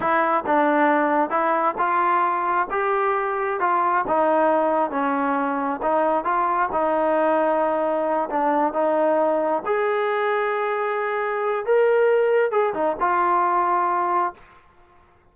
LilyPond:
\new Staff \with { instrumentName = "trombone" } { \time 4/4 \tempo 4 = 134 e'4 d'2 e'4 | f'2 g'2 | f'4 dis'2 cis'4~ | cis'4 dis'4 f'4 dis'4~ |
dis'2~ dis'8 d'4 dis'8~ | dis'4. gis'2~ gis'8~ | gis'2 ais'2 | gis'8 dis'8 f'2. | }